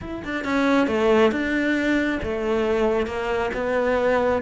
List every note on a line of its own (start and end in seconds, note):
0.01 0.23 E4
0.24 0.44 D4
0.44 0.87 C#4
0.87 1.31 A3
1.31 2.19 D4
2.22 3.06 A3
3.06 3.50 A#3
3.54 4.42 B3